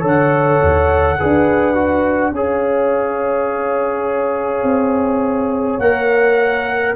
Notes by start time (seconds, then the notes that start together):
0.00 D3 A4 C#5
0.07 F#5
0.62 D#2
1.18 D4 G#4 B4
1.75 F#4
2.32 C#4 G#4 C#5 F5
4.63 C4
5.79 A#3 A#4 F#5